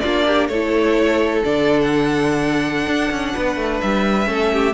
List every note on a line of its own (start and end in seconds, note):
0.00 0.49 A#3
0.00 0.52 D4
0.00 0.25 F4
0.00 0.47 D5
0.27 0.50 G4
0.48 1.43 A3
0.48 1.44 E4
0.48 3.33 A4
0.48 1.43 C#5
1.44 2.87 D3
1.44 4.25 D4
1.44 1.80 D5
1.81 3.81 F#5
2.87 3.11 D4
3.11 3.35 C#4
3.34 3.56 B3
3.34 4.29 B4
3.56 3.80 A3
3.81 4.27 G3
3.81 4.74 E5
4.25 4.74 A3
4.25 4.72 C#4
4.25 4.52 A4
4.53 4.74 G4